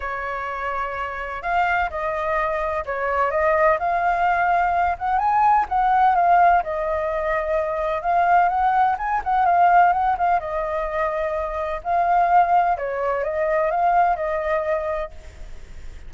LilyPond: \new Staff \with { instrumentName = "flute" } { \time 4/4 \tempo 4 = 127 cis''2. f''4 | dis''2 cis''4 dis''4 | f''2~ f''8 fis''8 gis''4 | fis''4 f''4 dis''2~ |
dis''4 f''4 fis''4 gis''8 fis''8 | f''4 fis''8 f''8 dis''2~ | dis''4 f''2 cis''4 | dis''4 f''4 dis''2 | }